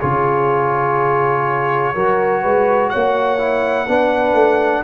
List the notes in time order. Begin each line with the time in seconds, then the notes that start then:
0.00 C#3 F4 G#4 C#5
1.95 F#3 F#4 A#4
2.42 G#3 B4
2.90 A#3 C#5 F#5
3.39 E4
3.88 B3 D4 B4
4.34 A3